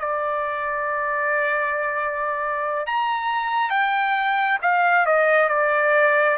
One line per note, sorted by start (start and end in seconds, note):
0.00 2.87 D5
2.87 3.71 A#5
3.71 4.59 G5
4.62 5.07 F5
5.07 5.49 D#5
5.49 6.38 D5